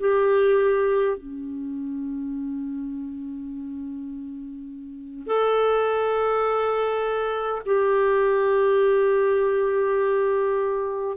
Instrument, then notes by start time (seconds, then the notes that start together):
clarinet
0.00 G4
1.18 C#4
5.27 A4
7.66 G4